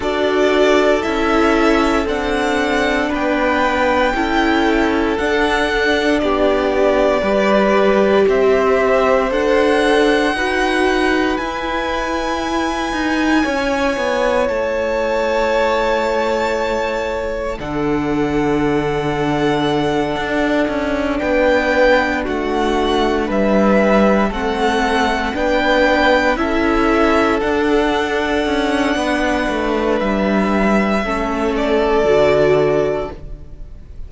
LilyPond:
<<
  \new Staff \with { instrumentName = "violin" } { \time 4/4 \tempo 4 = 58 d''4 e''4 fis''4 g''4~ | g''4 fis''4 d''2 | e''4 fis''2 gis''4~ | gis''2 a''2~ |
a''4 fis''2.~ | fis''8 g''4 fis''4 e''4 fis''8~ | fis''8 g''4 e''4 fis''4.~ | fis''4 e''4. d''4. | }
  \new Staff \with { instrumentName = "violin" } { \time 4/4 a'2. b'4 | a'2 g'4 b'4 | c''2 b'2~ | b'4 cis''2.~ |
cis''4 a'2.~ | a'8 b'4 fis'4 b'4 a'8~ | a'8 b'4 a'2~ a'8 | b'2 a'2 | }
  \new Staff \with { instrumentName = "viola" } { \time 4/4 fis'4 e'4 d'2 | e'4 d'2 g'4~ | g'4 a'4 fis'4 e'4~ | e'1~ |
e'4 d'2.~ | d'2.~ d'8 c'8~ | c'8 d'4 e'4 d'4.~ | d'2 cis'4 fis'4 | }
  \new Staff \with { instrumentName = "cello" } { \time 4/4 d'4 cis'4 c'4 b4 | cis'4 d'4 b4 g4 | c'4 d'4 dis'4 e'4~ | e'8 dis'8 cis'8 b8 a2~ |
a4 d2~ d8 d'8 | cis'8 b4 a4 g4 a8~ | a8 b4 cis'4 d'4 cis'8 | b8 a8 g4 a4 d4 | }
>>